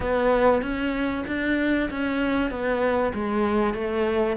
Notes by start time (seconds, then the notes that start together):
0.00 B3
0.62 C#4
1.27 D4
1.90 C#4
2.50 B3
3.14 G#3
3.74 A3